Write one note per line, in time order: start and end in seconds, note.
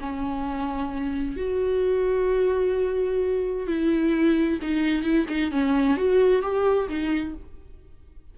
0.00 1.36 C#4
1.36 3.67 F#4
3.67 4.59 E4
4.62 5.03 D#4
5.03 5.26 E4
5.28 5.51 D#4
5.51 5.97 C#4
5.97 6.42 F#4
6.42 6.88 G4
6.89 7.35 D#4